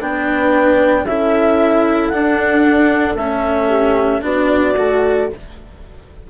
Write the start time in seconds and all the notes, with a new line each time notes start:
0.00 B3 D4 B4 G5
1.05 C#4 E4 A4 E5
2.09 D4 F#5
3.15 A3 C#4 E5
3.68 G4
4.21 B3 D4 F#4 D5
4.76 A3 F#4